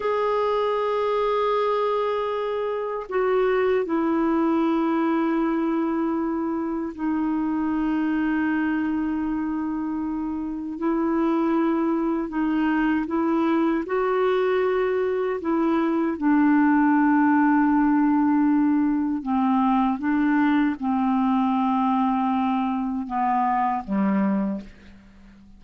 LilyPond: \new Staff \with { instrumentName = "clarinet" } { \time 4/4 \tempo 4 = 78 gis'1 | fis'4 e'2.~ | e'4 dis'2.~ | dis'2 e'2 |
dis'4 e'4 fis'2 | e'4 d'2.~ | d'4 c'4 d'4 c'4~ | c'2 b4 g4 | }